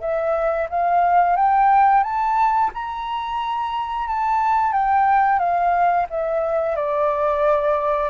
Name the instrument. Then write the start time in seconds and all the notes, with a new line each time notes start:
flute
0.00 E5
0.69 F5
1.36 G5
2.03 A5
2.73 A#5
4.07 A5
4.73 G5
5.39 F5
6.09 E5
6.76 D5